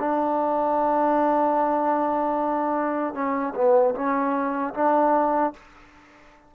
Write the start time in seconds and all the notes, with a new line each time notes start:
0.00 D4
3.14 C#4
3.55 B3
3.95 C#4
4.74 D4